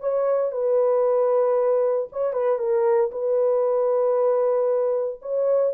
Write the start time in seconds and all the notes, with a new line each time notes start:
0.00 C#5
0.51 B4
2.12 C#5
2.33 B4
2.58 A#4
3.11 B4
5.22 C#5